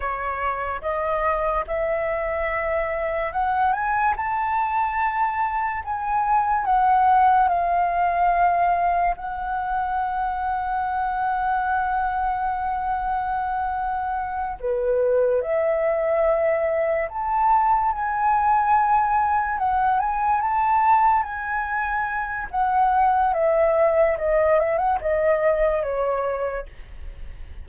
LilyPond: \new Staff \with { instrumentName = "flute" } { \time 4/4 \tempo 4 = 72 cis''4 dis''4 e''2 | fis''8 gis''8 a''2 gis''4 | fis''4 f''2 fis''4~ | fis''1~ |
fis''4. b'4 e''4.~ | e''8 a''4 gis''2 fis''8 | gis''8 a''4 gis''4. fis''4 | e''4 dis''8 e''16 fis''16 dis''4 cis''4 | }